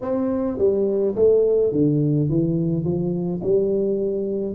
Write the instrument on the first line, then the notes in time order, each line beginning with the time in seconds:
tuba
0.01 C4
0.57 G3
1.15 A3
1.72 D3
2.29 E3
2.84 F3
3.43 G3